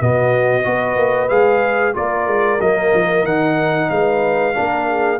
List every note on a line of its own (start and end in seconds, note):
0.00 0.65 B2
0.00 0.63 B3
0.00 0.66 F#4
0.00 1.29 D#5
0.63 0.96 B3
0.63 1.29 F#4
0.63 1.95 B4
0.96 1.29 A#3
1.29 1.95 G#3
1.29 1.93 G#4
1.29 1.94 F5
1.93 2.27 A#3
1.93 2.59 F4
1.93 3.90 A#4
1.93 2.61 D5
2.27 2.60 G#3
2.60 2.93 F#3
2.60 3.26 A#3
2.60 3.26 D#5
2.94 3.23 F3
3.23 3.88 D#3
3.23 4.54 D#4
3.23 3.90 F#5
3.90 4.55 G#3
3.90 4.56 B4
3.90 5.20 F5
4.54 5.20 A#3
4.54 5.19 D4
4.54 4.88 A#4
4.89 5.20 G#4